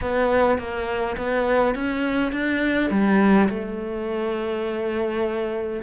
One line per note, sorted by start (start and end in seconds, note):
0.01 0.58 B3
0.58 1.16 A#3
1.17 1.74 B3
1.74 2.31 C#4
2.31 2.90 D4
2.90 3.48 G3
3.49 5.82 A3